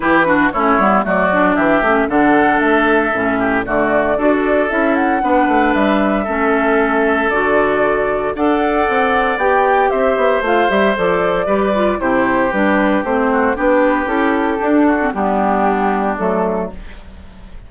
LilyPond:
<<
  \new Staff \with { instrumentName = "flute" } { \time 4/4 \tempo 4 = 115 b'4 cis''4 d''4 e''4 | fis''4 e''2 d''4~ | d''4 e''8 fis''4. e''4~ | e''2 d''2 |
fis''2 g''4 e''4 | f''8 e''8 d''2 c''4 | b'4 c''4 b'4 a'4~ | a'4 g'2 a'4 | }
  \new Staff \with { instrumentName = "oboe" } { \time 4/4 g'8 fis'8 e'4 fis'4 g'4 | a'2~ a'8 g'8 fis'4 | a'2 b'2 | a'1 |
d''2. c''4~ | c''2 b'4 g'4~ | g'4. fis'8 g'2~ | g'8 fis'8 d'2. | }
  \new Staff \with { instrumentName = "clarinet" } { \time 4/4 e'8 d'8 cis'8 b8 a8 d'4 cis'8 | d'2 cis'4 a4 | fis'4 e'4 d'2 | cis'2 fis'2 |
a'2 g'2 | f'8 g'8 a'4 g'8 f'8 e'4 | d'4 c'4 d'4 e'4 | d'8. c'16 b2 a4 | }
  \new Staff \with { instrumentName = "bassoon" } { \time 4/4 e4 a8 g8 fis4 e8 a8 | d4 a4 a,4 d4 | d'4 cis'4 b8 a8 g4 | a2 d2 |
d'4 c'4 b4 c'8 b8 | a8 g8 f4 g4 c4 | g4 a4 b4 cis'4 | d'4 g2 fis4 | }
>>